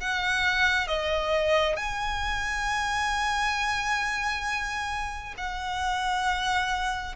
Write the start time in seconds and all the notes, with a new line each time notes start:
0.00 F#5
0.88 D#5
1.76 G#5
5.37 F#5